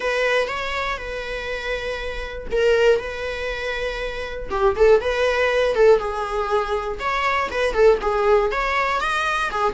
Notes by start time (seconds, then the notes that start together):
0.00 B4
0.47 C#5
0.97 B4
2.51 A#4
2.99 B4
4.50 G4
4.76 A4
5.00 B4
5.75 A4
5.99 G#4
6.99 C#5
7.50 B4
7.73 A4
8.01 G#4
8.51 C#5
9.00 D#5
9.50 G#4